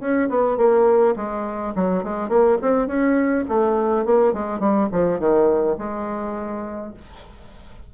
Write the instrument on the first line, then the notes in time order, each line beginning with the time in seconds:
bassoon
0.00 C#4
0.29 B3
0.57 A#3
1.16 G#3
1.75 F#3
2.03 G#3
2.28 A#3
2.61 C4
2.87 C#4
3.48 A3
4.05 A#3
4.33 G#3
4.59 G3
4.92 F3
5.19 D#3
5.78 G#3